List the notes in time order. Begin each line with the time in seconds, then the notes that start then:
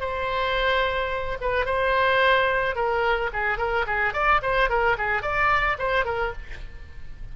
0.00 C5
1.41 B4
1.65 C5
2.75 A#4
3.33 G#4
3.58 A#4
3.86 G#4
4.13 D5
4.42 C5
4.69 A#4
4.98 G#4
5.22 D5
5.78 C5
6.05 A#4